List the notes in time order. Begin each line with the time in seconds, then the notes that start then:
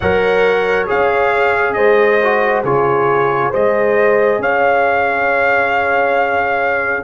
0.00 F#3 A#4 C#5 F#5
0.86 C#4 G#4 F5
1.73 G#3 C5 D#5
2.23 F#4
2.63 C#3 F4 G#4 C#5
3.50 G#3 G#4 C5 D#5
4.38 C#4 C#5 F5